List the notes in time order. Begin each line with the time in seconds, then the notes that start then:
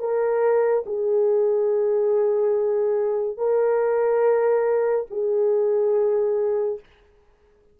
0.00 A#4
0.86 G#4
3.37 A#4
5.10 G#4